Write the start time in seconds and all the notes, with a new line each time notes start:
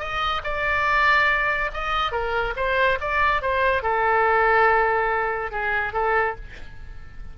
0.00 D#5
0.44 D5
1.74 D#5
2.12 A#4
2.57 C5
3.01 D5
3.42 C5
3.83 A4
5.52 G#4
5.94 A4